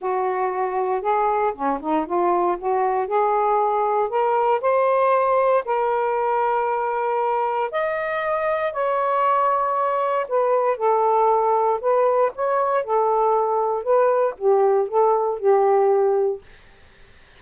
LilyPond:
\new Staff \with { instrumentName = "saxophone" } { \time 4/4 \tempo 4 = 117 fis'2 gis'4 cis'8 dis'8 | f'4 fis'4 gis'2 | ais'4 c''2 ais'4~ | ais'2. dis''4~ |
dis''4 cis''2. | b'4 a'2 b'4 | cis''4 a'2 b'4 | g'4 a'4 g'2 | }